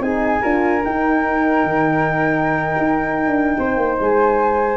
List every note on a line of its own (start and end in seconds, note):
0.00 0.41 C4
0.00 0.42 D#4
0.00 0.42 G#4
0.00 0.84 G#5
0.42 0.85 D4
0.42 0.83 F4
0.42 3.57 A#4
0.83 4.78 D#4
0.83 1.64 D#4
0.83 3.99 G5
1.64 2.75 D#3
2.79 3.27 D#4
3.27 3.58 D4
3.59 3.77 C4
3.59 4.78 C5
3.77 3.98 A#3
4.00 4.78 G#3
4.00 4.78 G#5